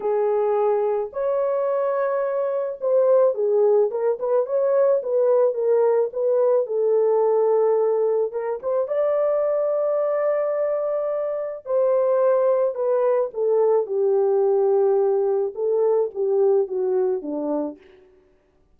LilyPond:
\new Staff \with { instrumentName = "horn" } { \time 4/4 \tempo 4 = 108 gis'2 cis''2~ | cis''4 c''4 gis'4 ais'8 b'8 | cis''4 b'4 ais'4 b'4 | a'2. ais'8 c''8 |
d''1~ | d''4 c''2 b'4 | a'4 g'2. | a'4 g'4 fis'4 d'4 | }